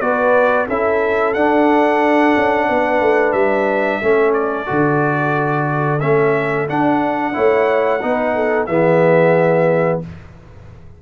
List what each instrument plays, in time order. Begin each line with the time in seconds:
0.00 tuba B3, trombone F#4, horn B4, trumpet D5
0.68 tuba C#4, trombone E4, horn A4, trumpet E5
1.33 tuba D4, trombone D4, trumpet F#5
2.36 tuba C#4
2.68 tuba B3, horn B4
3.00 tuba A3
3.32 tuba G3, trumpet E5
4.02 tuba A3, trombone C#4, horn A4
4.33 trumpet D5
4.66 tuba D3, trombone F#4
6.00 tuba A3, trombone C#4, trumpet E5
6.68 trombone D4, tuba D4, trumpet F#5
7.33 tuba A3, trombone E4, horn C#5
8.01 tuba B3, trombone D#4, horn B4
8.35 horn A4
8.66 tuba E3, trombone B3, horn G#4, trumpet E5